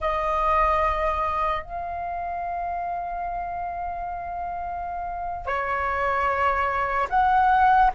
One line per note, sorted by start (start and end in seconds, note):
0.00 1.63 D#5
1.63 5.45 F5
5.45 7.08 C#5
7.09 7.90 F#5